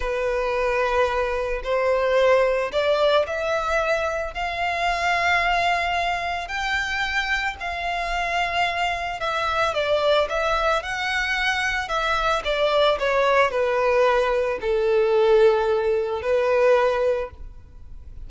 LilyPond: \new Staff \with { instrumentName = "violin" } { \time 4/4 \tempo 4 = 111 b'2. c''4~ | c''4 d''4 e''2 | f''1 | g''2 f''2~ |
f''4 e''4 d''4 e''4 | fis''2 e''4 d''4 | cis''4 b'2 a'4~ | a'2 b'2 | }